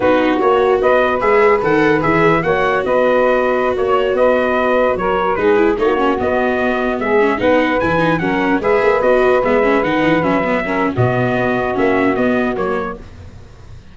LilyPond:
<<
  \new Staff \with { instrumentName = "trumpet" } { \time 4/4 \tempo 4 = 148 b'4 cis''4 dis''4 e''4 | fis''4 e''4 fis''4 dis''4~ | dis''4~ dis''16 cis''4 dis''4.~ dis''16~ | dis''16 cis''4 b'4 cis''4 dis''8.~ |
dis''4~ dis''16 e''4 fis''4 gis''8.~ | gis''16 fis''4 e''4 dis''4 e''8.~ | e''16 fis''4 e''4.~ e''16 dis''4~ | dis''4 e''4 dis''4 cis''4 | }
  \new Staff \with { instrumentName = "saxophone" } { \time 4/4 fis'2 b'2~ | b'2 cis''4 b'4~ | b'4~ b'16 cis''4 b'4.~ b'16~ | b'16 ais'4 gis'4 fis'4.~ fis'16~ |
fis'4~ fis'16 gis'4 b'4.~ b'16~ | b'16 ais'4 b'2~ b'8.~ | b'2~ b'16 ais'8. fis'4~ | fis'1 | }
  \new Staff \with { instrumentName = "viola" } { \time 4/4 dis'4 fis'2 gis'4 | a'4 gis'4 fis'2~ | fis'1~ | fis'4~ fis'16 dis'8 e'8 dis'8 cis'8 b8.~ |
b4.~ b16 cis'8 dis'4 e'8 dis'16~ | dis'16 cis'4 gis'4 fis'4 b8 cis'16~ | cis'16 dis'4 cis'8 b8 cis'8. b4~ | b4 cis'4 b4 ais4 | }
  \new Staff \with { instrumentName = "tuba" } { \time 4/4 b4 ais4 b4 gis4 | dis4 e4 ais4 b4~ | b4~ b16 ais4 b4.~ b16~ | b16 fis4 gis4 ais4 b8.~ |
b4~ b16 gis4 b4 e8.~ | e16 fis4 gis8 ais8 b4 gis8.~ | gis16 dis8 e8 fis4.~ fis16 b,4 | b4 ais4 b4 fis4 | }
>>